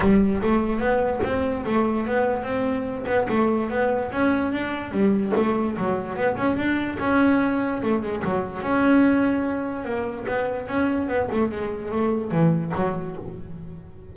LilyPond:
\new Staff \with { instrumentName = "double bass" } { \time 4/4 \tempo 4 = 146 g4 a4 b4 c'4 | a4 b4 c'4. b8 | a4 b4 cis'4 d'4 | g4 a4 fis4 b8 cis'8 |
d'4 cis'2 a8 gis8 | fis4 cis'2. | ais4 b4 cis'4 b8 a8 | gis4 a4 e4 fis4 | }